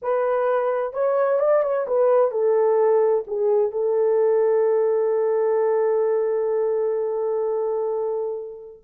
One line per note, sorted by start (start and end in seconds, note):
0.02 0.93 B4
0.93 1.39 C#5
1.39 1.62 D5
1.63 1.86 C#5
1.87 2.31 B4
2.31 3.24 A4
3.27 3.71 G#4
3.71 8.83 A4